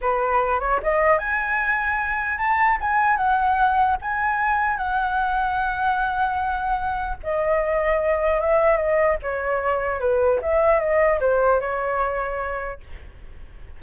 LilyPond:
\new Staff \with { instrumentName = "flute" } { \time 4/4 \tempo 4 = 150 b'4. cis''8 dis''4 gis''4~ | gis''2 a''4 gis''4 | fis''2 gis''2 | fis''1~ |
fis''2 dis''2~ | dis''4 e''4 dis''4 cis''4~ | cis''4 b'4 e''4 dis''4 | c''4 cis''2. | }